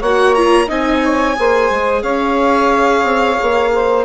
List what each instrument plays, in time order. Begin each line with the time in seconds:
0.00 bassoon A#3, viola F#4, saxophone C#5, violin F#5
0.35 viola F4, violin A#5
0.68 bassoon C4, viola D#4, saxophone D#5, violin G#5
1.04 saxophone C#5
1.37 bassoon A#3, viola G#4, saxophone C5
1.71 bassoon G#3
2.03 bassoon C#4, saxophone C#5, violin F5
3.04 bassoon C4
3.42 bassoon A#3
3.75 saxophone C5